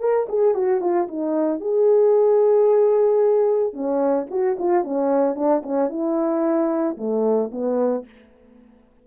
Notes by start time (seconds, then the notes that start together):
0.00 A#4
0.29 G#4
0.54 F#4
0.81 F4
1.08 D#4
1.60 G#4
3.73 C#4
4.31 F#4
4.59 F4
4.84 C#4
5.35 D4
5.63 C#4
5.90 E4
6.97 A3
7.52 B3